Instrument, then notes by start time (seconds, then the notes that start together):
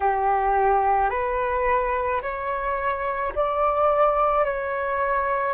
flute
0.00 G4
1.10 B4
2.22 C#5
3.35 D5
4.44 C#5